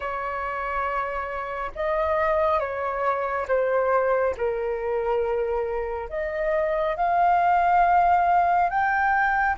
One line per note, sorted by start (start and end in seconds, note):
0.00 1.71 C#5
1.75 2.59 D#5
2.59 3.46 C#5
3.47 4.34 C5
4.37 6.09 A#4
6.09 6.96 D#5
6.96 8.69 F5
8.69 9.56 G5